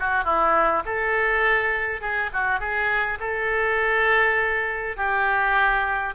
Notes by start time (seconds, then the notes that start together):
0.00 F#4
0.25 E4
0.86 A4
2.01 G#4
2.33 F#4
2.60 G#4
3.21 A4
4.97 G4